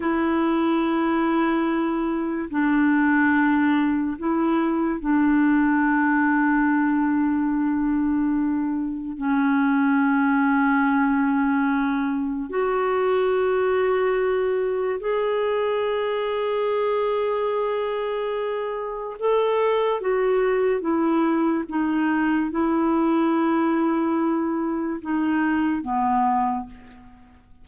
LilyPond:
\new Staff \with { instrumentName = "clarinet" } { \time 4/4 \tempo 4 = 72 e'2. d'4~ | d'4 e'4 d'2~ | d'2. cis'4~ | cis'2. fis'4~ |
fis'2 gis'2~ | gis'2. a'4 | fis'4 e'4 dis'4 e'4~ | e'2 dis'4 b4 | }